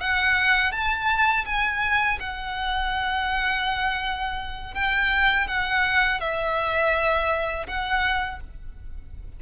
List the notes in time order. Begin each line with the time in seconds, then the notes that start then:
0.00 F#5
0.72 A5
1.46 G#5
2.20 F#5
4.74 G5
5.47 F#5
6.20 E5
7.67 F#5